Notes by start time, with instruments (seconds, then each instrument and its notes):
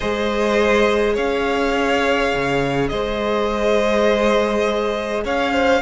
0.00 cello G#3, viola G#4, violin C5 D#5
1.14 cello C#4, violin C#5 F5
2.34 cello C#3
2.88 cello G#3, violin C5 D#5
5.24 cello C#4, violin C#5 F5
5.52 violin C5